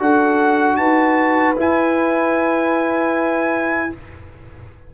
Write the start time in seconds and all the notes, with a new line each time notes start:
0.00 D4 F#4 A4 F#5
0.77 D#4 B4 A5
1.57 E4 G#5